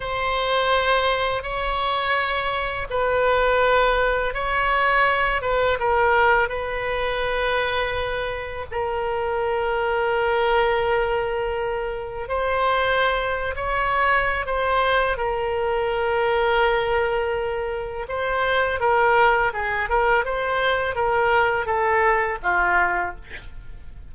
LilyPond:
\new Staff \with { instrumentName = "oboe" } { \time 4/4 \tempo 4 = 83 c''2 cis''2 | b'2 cis''4. b'8 | ais'4 b'2. | ais'1~ |
ais'4 c''4.~ c''16 cis''4~ cis''16 | c''4 ais'2.~ | ais'4 c''4 ais'4 gis'8 ais'8 | c''4 ais'4 a'4 f'4 | }